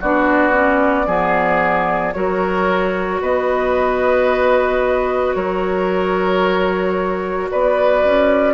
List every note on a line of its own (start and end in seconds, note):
0.00 1.07 B3
0.00 0.52 D4
0.00 1.06 F#4
0.00 2.12 D5
0.52 1.06 C#4
1.06 2.14 F3
1.06 2.13 B3
1.06 2.14 G#4
2.12 3.21 F#3
2.12 8.54 F#4
2.12 3.21 A#4
2.12 3.20 C#5
3.21 5.35 B3
3.21 5.35 B4
3.21 5.34 D#5
5.34 7.50 F#3
5.34 7.50 A#4
5.34 7.49 C#5
7.51 8.04 B3
7.51 8.54 B4
7.51 8.54 D5
8.04 8.54 C#4